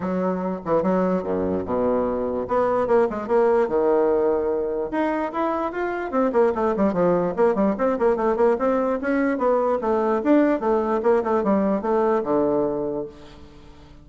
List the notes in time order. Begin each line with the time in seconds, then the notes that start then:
0.00 F#3
0.65 E3
0.82 F#3
1.23 F#2
1.65 B2
2.47 B3
2.87 A#3
3.10 G#3
3.27 A#3
3.68 D#3
4.91 D#4
5.32 E4
5.72 F4
6.11 C4
6.32 A#3
6.54 A3
6.76 G3
6.93 F3
7.36 A#3
7.54 G3
7.78 C4
7.98 A#3
8.16 A3
8.36 A#3
8.58 C4
9.01 C#4
9.37 B3
9.81 A3
10.23 D4
10.60 A3
11.02 A#3
11.23 A3
11.43 G3
11.81 A3
12.23 D3